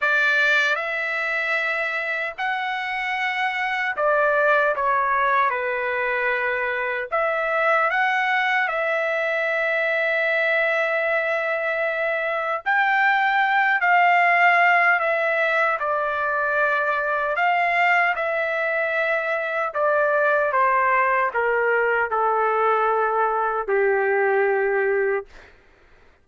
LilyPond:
\new Staff \with { instrumentName = "trumpet" } { \time 4/4 \tempo 4 = 76 d''4 e''2 fis''4~ | fis''4 d''4 cis''4 b'4~ | b'4 e''4 fis''4 e''4~ | e''1 |
g''4. f''4. e''4 | d''2 f''4 e''4~ | e''4 d''4 c''4 ais'4 | a'2 g'2 | }